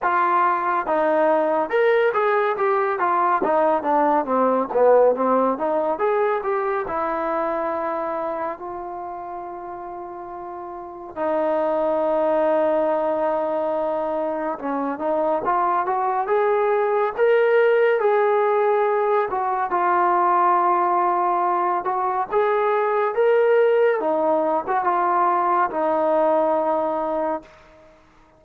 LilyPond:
\new Staff \with { instrumentName = "trombone" } { \time 4/4 \tempo 4 = 70 f'4 dis'4 ais'8 gis'8 g'8 f'8 | dis'8 d'8 c'8 b8 c'8 dis'8 gis'8 g'8 | e'2 f'2~ | f'4 dis'2.~ |
dis'4 cis'8 dis'8 f'8 fis'8 gis'4 | ais'4 gis'4. fis'8 f'4~ | f'4. fis'8 gis'4 ais'4 | dis'8. fis'16 f'4 dis'2 | }